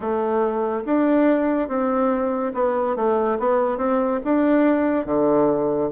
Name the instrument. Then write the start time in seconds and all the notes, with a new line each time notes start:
bassoon
0.00 A3
0.85 D4
1.68 C4
2.54 B3
2.95 A3
3.39 B3
3.77 C4
4.24 D4
5.05 D3